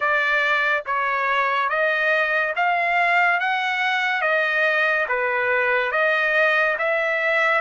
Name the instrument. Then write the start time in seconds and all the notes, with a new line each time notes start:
trumpet
0.00 D5
0.86 C#5
1.69 D#5
2.56 F5
3.40 F#5
4.21 D#5
5.08 B4
5.92 D#5
6.78 E5